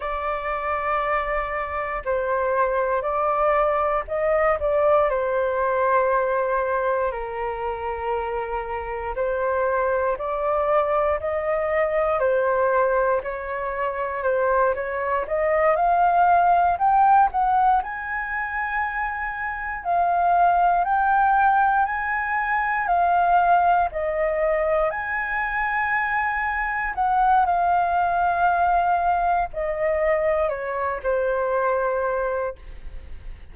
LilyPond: \new Staff \with { instrumentName = "flute" } { \time 4/4 \tempo 4 = 59 d''2 c''4 d''4 | dis''8 d''8 c''2 ais'4~ | ais'4 c''4 d''4 dis''4 | c''4 cis''4 c''8 cis''8 dis''8 f''8~ |
f''8 g''8 fis''8 gis''2 f''8~ | f''8 g''4 gis''4 f''4 dis''8~ | dis''8 gis''2 fis''8 f''4~ | f''4 dis''4 cis''8 c''4. | }